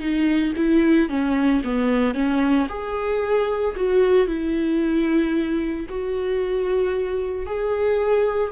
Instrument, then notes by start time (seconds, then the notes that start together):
viola
0.00 D#4
0.56 E4
1.09 C#4
1.64 B3
2.14 C#4
2.69 G#4
3.76 F#4
4.27 E4
5.89 F#4
7.46 G#4